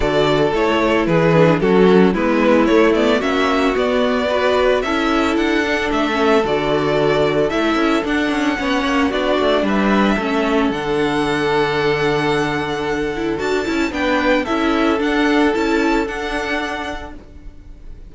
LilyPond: <<
  \new Staff \with { instrumentName = "violin" } { \time 4/4 \tempo 4 = 112 d''4 cis''4 b'4 a'4 | b'4 cis''8 d''8 e''4 d''4~ | d''4 e''4 fis''4 e''4 | d''2 e''4 fis''4~ |
fis''4 d''4 e''2 | fis''1~ | fis''4 a''4 g''4 e''4 | fis''4 a''4 fis''2 | }
  \new Staff \with { instrumentName = "violin" } { \time 4/4 a'2 gis'4 fis'4 | e'2 fis'2 | b'4 a'2.~ | a'1 |
cis''4 fis'4 b'4 a'4~ | a'1~ | a'2 b'4 a'4~ | a'1 | }
  \new Staff \with { instrumentName = "viola" } { \time 4/4 fis'4 e'4. d'8 cis'4 | b4 a8 b8 cis'4 b4 | fis'4 e'4. d'4 cis'8 | fis'2 e'4 d'4 |
cis'4 d'2 cis'4 | d'1~ | d'8 e'8 fis'8 e'8 d'4 e'4 | d'4 e'4 d'2 | }
  \new Staff \with { instrumentName = "cello" } { \time 4/4 d4 a4 e4 fis4 | gis4 a4 ais4 b4~ | b4 cis'4 d'4 a4 | d2 a8 cis'8 d'8 cis'8 |
b8 ais8 b8 a8 g4 a4 | d1~ | d4 d'8 cis'8 b4 cis'4 | d'4 cis'4 d'2 | }
>>